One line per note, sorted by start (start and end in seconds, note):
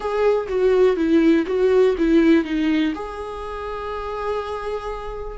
0.00 0.47 G#4
0.48 0.96 F#4
0.96 1.45 E4
1.46 1.95 F#4
1.98 2.44 E4
2.44 2.93 D#4
2.94 5.37 G#4